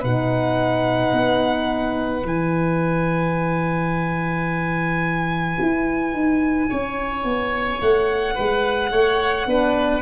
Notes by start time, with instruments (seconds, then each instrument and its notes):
0.00 tuba B2, horn D#4, oboe B4, violin F#5
1.13 tuba B3
2.24 tuba E3, horn E4, violin G#5
5.61 tuba E4
6.13 tuba D#4
6.69 tuba C#4, oboe C#5
7.24 tuba B3
7.81 tuba A3, violin F#5
8.35 tuba G#3, oboe B4
8.91 tuba A3, oboe C#5
9.46 tuba B3, horn D4, oboe B4